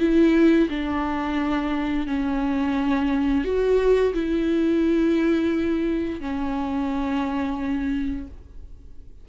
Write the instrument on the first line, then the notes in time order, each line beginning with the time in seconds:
viola
0.00 E4
0.70 D4
2.07 C#4
3.45 F#4
4.14 E4
6.21 C#4